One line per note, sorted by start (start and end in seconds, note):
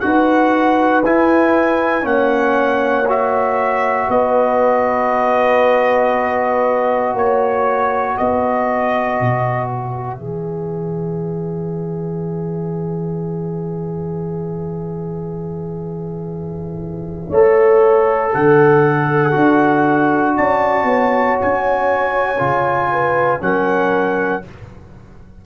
0.00 1.04 D#4
0.00 1.03 F#4
0.00 2.09 B4
0.00 1.02 F#5
1.04 2.04 E4
1.04 2.02 E4
1.04 2.06 G#5
2.02 4.07 A#3
2.02 3.04 C#4
2.02 3.08 F#5
2.09 4.08 C#5
3.08 10.18 F#4
3.08 4.10 E5
4.08 7.14 B3
4.08 7.13 B4
4.08 7.15 D#5
7.14 8.15 A#3
7.14 8.14 C#5
7.14 8.17 C#5
8.14 9.21 B3
8.14 17.29 B4
8.14 9.68 D#5
9.21 10.18 B2
9.68 18.32 E5
10.18 17.29 E3
10.18 17.30 G#4
17.29 18.31 A3
17.29 19.31 A4
17.29 18.30 C#5
18.32 19.35 D3
18.32 20.35 A4
18.32 20.37 F#5
19.31 20.37 D4
19.31 22.36 F#4
20.36 20.83 C#4
20.36 20.86 D5
20.36 21.39 A5
20.83 21.34 B3
20.83 22.90 C#5
21.41 22.40 C#4
21.41 23.42 G#5
22.39 23.41 C#3
22.39 23.40 F4
22.91 23.42 B4
23.40 24.43 F#3
23.40 24.42 C#4
23.40 24.45 A#4
23.40 24.43 F#5